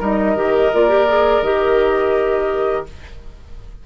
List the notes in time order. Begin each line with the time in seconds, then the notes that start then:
0.00 G3 D#4 A#4 D#5
0.35 D#3 G4
0.73 A#3 F4 D5
0.89 G4
1.07 G#4
1.42 D#3 G4 D#5